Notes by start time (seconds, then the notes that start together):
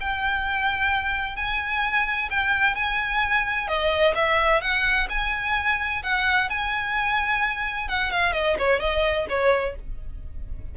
0.00 G5
1.36 G#5
2.30 G5
2.75 G#5
3.68 D#5
4.15 E5
4.61 F#5
5.09 G#5
6.03 F#5
6.49 G#5
7.88 F#5
8.11 F5
8.33 D#5
8.59 C#5
8.80 D#5
9.29 C#5